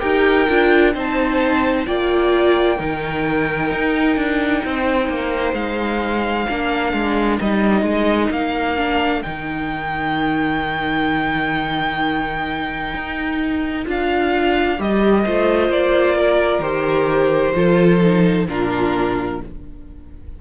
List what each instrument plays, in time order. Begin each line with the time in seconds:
0.00 cello D#4, viola G4, violin A#4 G5
0.49 cello D4, viola F4
0.94 cello C4, viola D#4, violin C5 A5
1.87 cello A#3, viola F4, violin D5 G5
2.78 cello D#3, viola D#4, violin A#4
3.72 cello D#4
4.17 cello D4
4.65 cello C4, violin C5
5.09 cello A#3
5.54 cello G#3, violin F5
6.49 cello A#3, viola D4, violin A#4
6.94 cello G#3
7.41 cello G3, viola D#4, violin D#5
7.83 cello G#3
8.31 cello A#3, violin F5
8.77 viola D4
9.23 cello D#3, viola D#4, violin G5
12.95 cello D#4
13.85 cello D4, viola F4, violin F5
14.79 cello G3, viola G4, violin D#5
15.26 cello A3, viola F4, violin C5
15.69 cello A#3, violin D5
16.16 violin A#4
16.60 cello D#3, viola G4, violin C5
17.55 cello F3, viola F4, violin A4
18.01 viola D#4
18.48 cello A#2, viola D4, violin F4 A#4